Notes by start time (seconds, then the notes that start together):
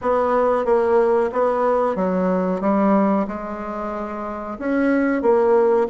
0.01 B3
0.65 A#3
1.32 B3
1.95 F#3
2.61 G3
3.27 G#3
4.58 C#4
5.22 A#3